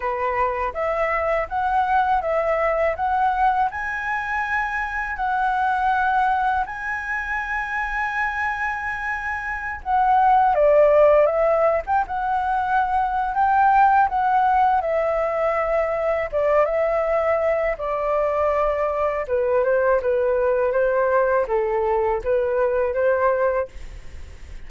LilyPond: \new Staff \with { instrumentName = "flute" } { \time 4/4 \tempo 4 = 81 b'4 e''4 fis''4 e''4 | fis''4 gis''2 fis''4~ | fis''4 gis''2.~ | gis''4~ gis''16 fis''4 d''4 e''8. |
g''16 fis''4.~ fis''16 g''4 fis''4 | e''2 d''8 e''4. | d''2 b'8 c''8 b'4 | c''4 a'4 b'4 c''4 | }